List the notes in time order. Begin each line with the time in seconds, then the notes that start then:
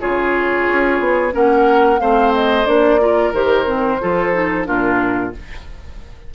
0.00 C#3 F4 G#4 C#5
0.68 C#4
1.00 B3
1.31 A#3 C#4 A#4 F#5
1.99 A3 C4 C5 F5
2.34 D#5
2.66 A#3 D4 D5
3.00 F4 A#4
3.33 D#3 G4 C5
3.66 C4
4.01 F3 F4 A4
4.33 D#4
4.65 A#2 D4 F4 A#4